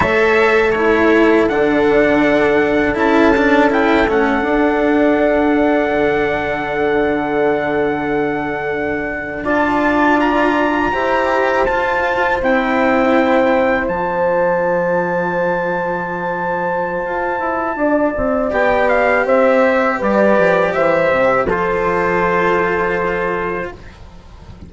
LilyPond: <<
  \new Staff \with { instrumentName = "trumpet" } { \time 4/4 \tempo 4 = 81 e''4 cis''4 fis''2 | a''4 g''8 fis''2~ fis''8~ | fis''1~ | fis''8. a''4 ais''2 a''16~ |
a''8. g''2 a''4~ a''16~ | a''1~ | a''4 g''8 f''8 e''4 d''4 | e''4 c''2. | }
  \new Staff \with { instrumentName = "horn" } { \time 4/4 cis''4 a'2.~ | a'1~ | a'1~ | a'8. d''2 c''4~ c''16~ |
c''1~ | c''1 | d''2 c''4 b'4 | c''4 a'2. | }
  \new Staff \with { instrumentName = "cello" } { \time 4/4 a'4 e'4 d'2 | e'8 d'8 e'8 cis'8 d'2~ | d'1~ | d'8. f'2 g'4 f'16~ |
f'8. e'2 f'4~ f'16~ | f'1~ | f'4 g'2.~ | g'4 f'2. | }
  \new Staff \with { instrumentName = "bassoon" } { \time 4/4 a2 d2 | cis'4. a8 d'2 | d1~ | d8. d'2 e'4 f'16~ |
f'8. c'2 f4~ f16~ | f2. f'8 e'8 | d'8 c'8 b4 c'4 g8 f8 | e8 c8 f2. | }
>>